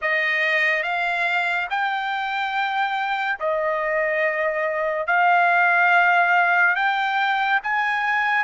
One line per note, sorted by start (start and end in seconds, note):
0.01 0.83 D#5
0.83 1.67 F5
1.69 3.38 G5
3.39 5.07 D#5
5.07 6.75 F5
6.75 7.60 G5
7.63 8.44 G#5